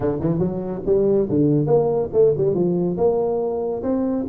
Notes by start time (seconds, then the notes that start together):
0.00 D3
0.20 E3
0.38 F#3
0.85 G3
1.29 D3
1.66 A#3
2.13 A3
2.37 G3
2.54 F3
2.97 A#3
3.82 C4